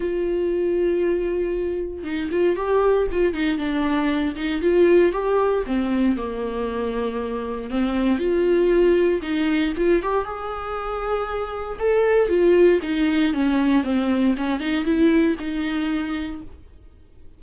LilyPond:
\new Staff \with { instrumentName = "viola" } { \time 4/4 \tempo 4 = 117 f'1 | dis'8 f'8 g'4 f'8 dis'8 d'4~ | d'8 dis'8 f'4 g'4 c'4 | ais2. c'4 |
f'2 dis'4 f'8 g'8 | gis'2. a'4 | f'4 dis'4 cis'4 c'4 | cis'8 dis'8 e'4 dis'2 | }